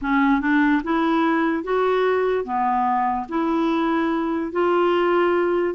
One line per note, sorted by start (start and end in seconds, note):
0.01 0.41 C#4
0.41 0.82 D4
0.83 1.63 E4
1.63 2.44 F#4
2.44 3.26 B3
3.28 4.52 E4
4.52 5.74 F4